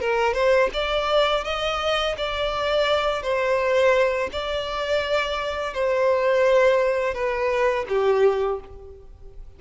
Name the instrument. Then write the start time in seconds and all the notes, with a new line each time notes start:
violin
0.00 A#4
0.34 C5
0.73 D5
1.44 D#5
2.17 D5
3.22 C5
4.32 D5
5.73 C5
7.14 B4
7.88 G4